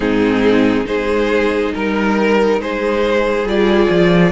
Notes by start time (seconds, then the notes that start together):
0.00 G#2 C4 D#4 G#4
0.84 G#3 D#4 G#4 C5
1.74 G3 A#4
2.60 G#3 G#4 C5
3.43 G3 F4 D5
3.89 F3